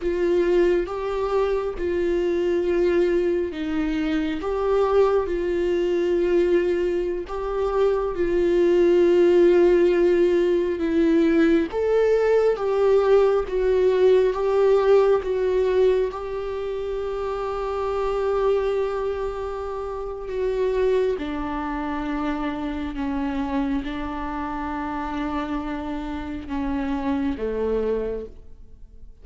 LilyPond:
\new Staff \with { instrumentName = "viola" } { \time 4/4 \tempo 4 = 68 f'4 g'4 f'2 | dis'4 g'4 f'2~ | f'16 g'4 f'2~ f'8.~ | f'16 e'4 a'4 g'4 fis'8.~ |
fis'16 g'4 fis'4 g'4.~ g'16~ | g'2. fis'4 | d'2 cis'4 d'4~ | d'2 cis'4 a4 | }